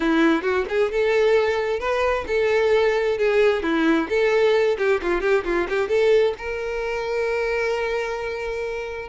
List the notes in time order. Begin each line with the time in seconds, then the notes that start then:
0.00 E4
0.42 F#4
0.68 G#4
0.91 A4
1.79 B4
2.27 A4
3.17 G#4
3.62 E4
4.09 A4
4.77 G4
5.02 F4
5.21 G4
5.44 F4
5.69 G4
5.88 A4
6.38 A#4